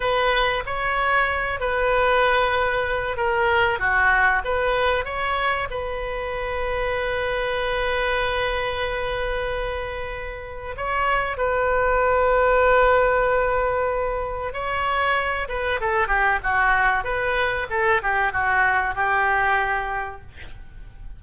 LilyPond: \new Staff \with { instrumentName = "oboe" } { \time 4/4 \tempo 4 = 95 b'4 cis''4. b'4.~ | b'4 ais'4 fis'4 b'4 | cis''4 b'2.~ | b'1~ |
b'4 cis''4 b'2~ | b'2. cis''4~ | cis''8 b'8 a'8 g'8 fis'4 b'4 | a'8 g'8 fis'4 g'2 | }